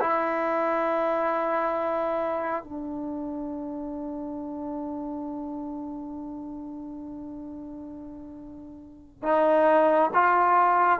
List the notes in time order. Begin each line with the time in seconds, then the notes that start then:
0.00 E4
2.64 D4
9.22 D#4
10.14 F4